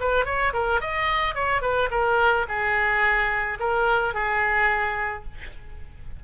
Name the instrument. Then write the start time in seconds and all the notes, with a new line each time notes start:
oboe
0.00 B4
0.25 C#5
0.53 A#4
0.81 D#5
1.35 C#5
1.62 B4
1.91 A#4
2.48 G#4
3.60 A#4
4.14 G#4